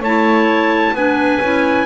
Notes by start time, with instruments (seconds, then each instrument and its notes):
0.00 double bass A3, clarinet E4 C#5, trumpet A5
0.93 double bass B3, clarinet D4 B4, trumpet G#5
1.41 double bass C#4, clarinet E4